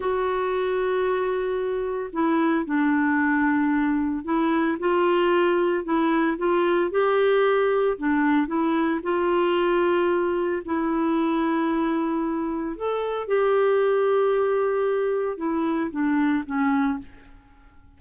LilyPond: \new Staff \with { instrumentName = "clarinet" } { \time 4/4 \tempo 4 = 113 fis'1 | e'4 d'2. | e'4 f'2 e'4 | f'4 g'2 d'4 |
e'4 f'2. | e'1 | a'4 g'2.~ | g'4 e'4 d'4 cis'4 | }